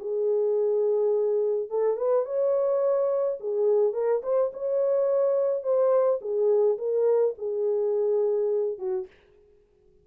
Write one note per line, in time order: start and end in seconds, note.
0.00 1.70 G#4
1.70 1.97 A4
1.97 2.25 B4
2.25 3.39 C#5
3.40 3.94 G#4
3.94 4.22 A#4
4.23 4.51 C5
4.53 5.63 C#5
5.63 6.20 C5
6.21 6.78 G#4
6.78 7.35 A#4
7.38 8.79 G#4
8.79 9.07 F#4